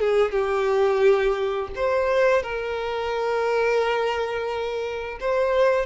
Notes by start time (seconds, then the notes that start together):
0.00 G#4
0.32 G4
1.76 C5
2.43 A#4
5.21 C5